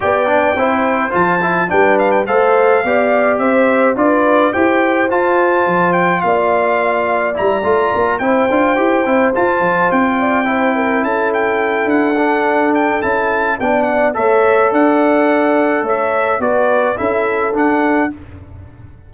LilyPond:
<<
  \new Staff \with { instrumentName = "trumpet" } { \time 4/4 \tempo 4 = 106 g''2 a''4 g''8 f''16 g''16 | f''2 e''4 d''4 | g''4 a''4. g''8 f''4~ | f''4 ais''4. g''4.~ |
g''8 a''4 g''2 a''8 | g''4 fis''4. g''8 a''4 | g''8 fis''8 e''4 fis''2 | e''4 d''4 e''4 fis''4 | }
  \new Staff \with { instrumentName = "horn" } { \time 4/4 d''4 c''2 b'4 | c''4 d''4 c''4 b'4 | c''2. d''4~ | d''2~ d''8 c''4.~ |
c''2 d''8 c''8 ais'8 a'8~ | a'1 | d''4 cis''4 d''2 | cis''4 b'4 a'2 | }
  \new Staff \with { instrumentName = "trombone" } { \time 4/4 g'8 d'8 e'4 f'8 e'8 d'4 | a'4 g'2 f'4 | g'4 f'2.~ | f'4 e'8 f'4 e'8 f'8 g'8 |
e'8 f'2 e'4.~ | e'4. d'4. e'4 | d'4 a'2.~ | a'4 fis'4 e'4 d'4 | }
  \new Staff \with { instrumentName = "tuba" } { \time 4/4 b4 c'4 f4 g4 | a4 b4 c'4 d'4 | e'4 f'4 f4 ais4~ | ais4 g8 a8 ais8 c'8 d'8 e'8 |
c'8 f'8 f8 c'2 cis'8~ | cis'4 d'2 cis'4 | b4 a4 d'2 | a4 b4 cis'4 d'4 | }
>>